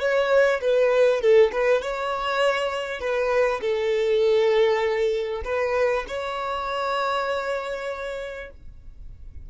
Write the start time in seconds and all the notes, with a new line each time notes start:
0.00 C#5
0.61 B4
1.21 A4
1.52 B4
1.82 C#5
3.00 B4
3.61 A4
5.45 B4
6.08 C#5